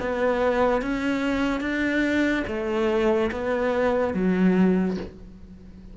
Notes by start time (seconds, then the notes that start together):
0.00 B3
0.82 C#4
1.61 D4
2.48 A3
3.31 B3
4.14 F#3